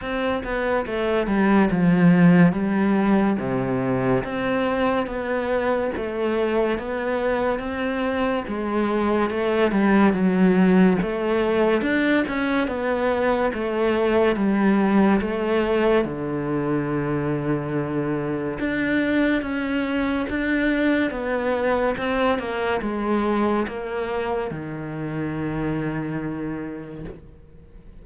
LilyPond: \new Staff \with { instrumentName = "cello" } { \time 4/4 \tempo 4 = 71 c'8 b8 a8 g8 f4 g4 | c4 c'4 b4 a4 | b4 c'4 gis4 a8 g8 | fis4 a4 d'8 cis'8 b4 |
a4 g4 a4 d4~ | d2 d'4 cis'4 | d'4 b4 c'8 ais8 gis4 | ais4 dis2. | }